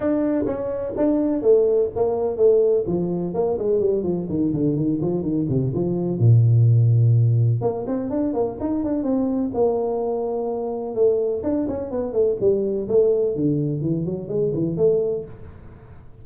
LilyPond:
\new Staff \with { instrumentName = "tuba" } { \time 4/4 \tempo 4 = 126 d'4 cis'4 d'4 a4 | ais4 a4 f4 ais8 gis8 | g8 f8 dis8 d8 dis8 f8 dis8 c8 | f4 ais,2. |
ais8 c'8 d'8 ais8 dis'8 d'8 c'4 | ais2. a4 | d'8 cis'8 b8 a8 g4 a4 | d4 e8 fis8 gis8 e8 a4 | }